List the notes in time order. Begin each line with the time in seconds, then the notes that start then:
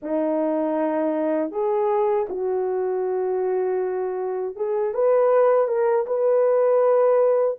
0.02 D#4
1.51 G#4
2.29 F#4
4.56 G#4
4.94 B4
5.67 A#4
6.06 B4